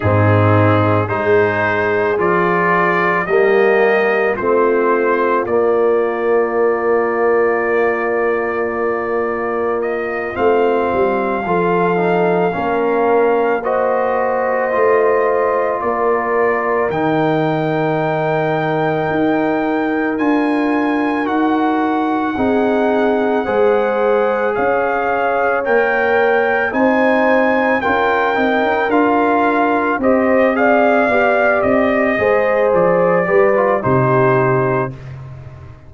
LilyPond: <<
  \new Staff \with { instrumentName = "trumpet" } { \time 4/4 \tempo 4 = 55 gis'4 c''4 d''4 dis''4 | c''4 d''2.~ | d''4 dis''8 f''2~ f''8~ | f''8 dis''2 d''4 g''8~ |
g''2~ g''8 gis''4 fis''8~ | fis''2~ fis''8 f''4 g''8~ | g''8 gis''4 g''4 f''4 dis''8 | f''4 dis''4 d''4 c''4 | }
  \new Staff \with { instrumentName = "horn" } { \time 4/4 dis'4 gis'2 g'4 | f'1~ | f'2~ f'8 a'4 ais'8~ | ais'8 c''2 ais'4.~ |
ais'1~ | ais'8 gis'4 c''4 cis''4.~ | cis''8 c''4 ais'2 c''8 | d''4. c''4 b'8 g'4 | }
  \new Staff \with { instrumentName = "trombone" } { \time 4/4 c'4 dis'4 f'4 ais4 | c'4 ais2.~ | ais4. c'4 f'8 dis'8 cis'8~ | cis'8 fis'4 f'2 dis'8~ |
dis'2~ dis'8 f'4 fis'8~ | fis'8 dis'4 gis'2 ais'8~ | ais'8 dis'4 f'8 dis'8 f'4 g'8 | gis'8 g'4 gis'4 g'16 f'16 dis'4 | }
  \new Staff \with { instrumentName = "tuba" } { \time 4/4 gis,4 gis4 f4 g4 | a4 ais2.~ | ais4. a8 g8 f4 ais8~ | ais4. a4 ais4 dis8~ |
dis4. dis'4 d'4 dis'8~ | dis'8 c'4 gis4 cis'4 ais8~ | ais8 c'4 cis'8 c'16 cis'16 d'4 c'8~ | c'8 b8 c'8 gis8 f8 g8 c4 | }
>>